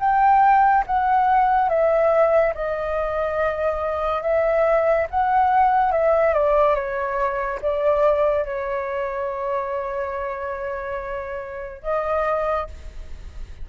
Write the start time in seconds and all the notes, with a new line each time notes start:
0.00 G5
0.86 F#5
1.69 E5
2.54 D#5
4.23 E5
5.10 F#5
5.92 E5
6.33 D5
6.75 C#5
7.62 D5
8.45 C#5
11.82 D#5